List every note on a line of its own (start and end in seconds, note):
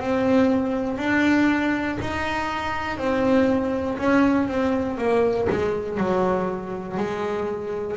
0.00 0.98 C4
0.98 1.98 D4
2.01 2.97 D#4
2.97 3.97 C4
3.98 4.48 C#4
4.48 4.97 C4
4.97 5.47 A#3
5.49 5.98 G#3
5.98 6.97 F#3
6.97 7.96 G#3